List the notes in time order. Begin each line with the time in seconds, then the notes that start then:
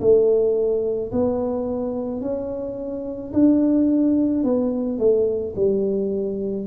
0.00 A3
1.12 B3
2.21 C#4
3.33 D4
4.44 B3
4.98 A3
5.56 G3